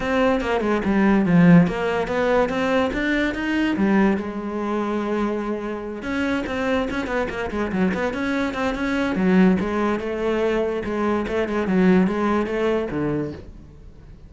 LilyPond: \new Staff \with { instrumentName = "cello" } { \time 4/4 \tempo 4 = 144 c'4 ais8 gis8 g4 f4 | ais4 b4 c'4 d'4 | dis'4 g4 gis2~ | gis2~ gis8 cis'4 c'8~ |
c'8 cis'8 b8 ais8 gis8 fis8 b8 cis'8~ | cis'8 c'8 cis'4 fis4 gis4 | a2 gis4 a8 gis8 | fis4 gis4 a4 d4 | }